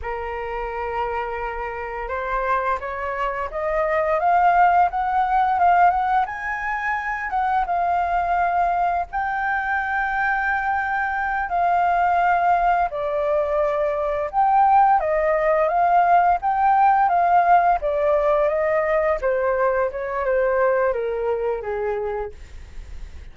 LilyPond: \new Staff \with { instrumentName = "flute" } { \time 4/4 \tempo 4 = 86 ais'2. c''4 | cis''4 dis''4 f''4 fis''4 | f''8 fis''8 gis''4. fis''8 f''4~ | f''4 g''2.~ |
g''8 f''2 d''4.~ | d''8 g''4 dis''4 f''4 g''8~ | g''8 f''4 d''4 dis''4 c''8~ | c''8 cis''8 c''4 ais'4 gis'4 | }